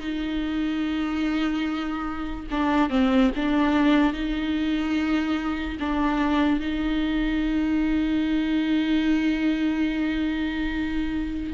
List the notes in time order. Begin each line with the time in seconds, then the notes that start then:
0.00 D#4
2.51 D4
2.90 C4
3.35 D4
4.13 D#4
5.80 D4
6.60 D#4